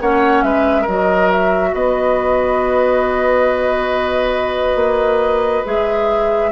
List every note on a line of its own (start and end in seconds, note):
0.00 0.42 A#3
0.00 0.85 C#4
0.00 0.44 C#5
0.00 0.43 F#5
0.42 0.86 G#3
0.42 0.81 B4
0.42 0.86 E5
0.81 1.73 F#3
0.81 5.63 F#4
0.81 1.68 A#4
0.87 1.31 D#5
1.31 1.74 E5
1.73 4.75 B3
1.73 6.51 B4
1.73 5.65 D#5
4.75 5.62 A#3
5.64 6.51 G#3
5.64 6.51 G#4
5.64 6.51 E5